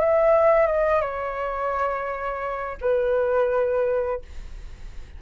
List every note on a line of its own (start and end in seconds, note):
0.00 0.67 E5
0.67 1.01 D#5
1.01 2.78 C#5
2.81 4.22 B4